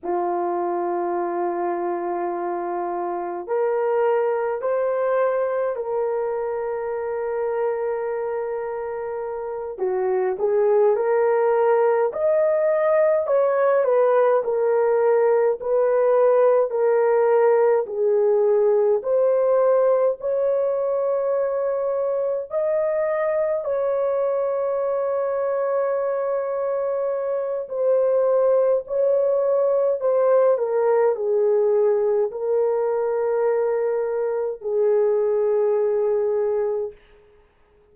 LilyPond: \new Staff \with { instrumentName = "horn" } { \time 4/4 \tempo 4 = 52 f'2. ais'4 | c''4 ais'2.~ | ais'8 fis'8 gis'8 ais'4 dis''4 cis''8 | b'8 ais'4 b'4 ais'4 gis'8~ |
gis'8 c''4 cis''2 dis''8~ | dis''8 cis''2.~ cis''8 | c''4 cis''4 c''8 ais'8 gis'4 | ais'2 gis'2 | }